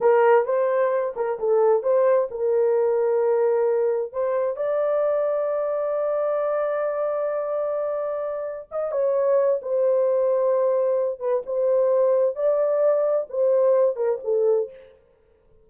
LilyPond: \new Staff \with { instrumentName = "horn" } { \time 4/4 \tempo 4 = 131 ais'4 c''4. ais'8 a'4 | c''4 ais'2.~ | ais'4 c''4 d''2~ | d''1~ |
d''2. dis''8 cis''8~ | cis''4 c''2.~ | c''8 b'8 c''2 d''4~ | d''4 c''4. ais'8 a'4 | }